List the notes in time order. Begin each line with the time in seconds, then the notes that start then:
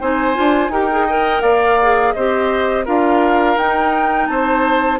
0.00 C4 D#4 C5 G#5
0.34 D4 F4
0.68 D#4 G4 A#4 G5
0.91 G#4
1.06 A#4 D#5
1.41 A#3 D5 F5
1.81 G#4
2.12 C4 G4 C5 D#5
2.85 D4 F4 A#4 F5
3.56 D#4 G5
4.27 C4 C5 A5